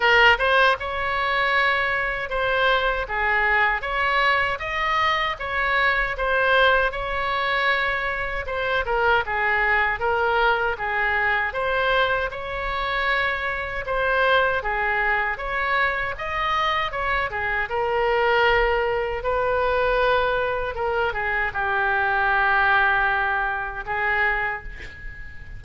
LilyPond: \new Staff \with { instrumentName = "oboe" } { \time 4/4 \tempo 4 = 78 ais'8 c''8 cis''2 c''4 | gis'4 cis''4 dis''4 cis''4 | c''4 cis''2 c''8 ais'8 | gis'4 ais'4 gis'4 c''4 |
cis''2 c''4 gis'4 | cis''4 dis''4 cis''8 gis'8 ais'4~ | ais'4 b'2 ais'8 gis'8 | g'2. gis'4 | }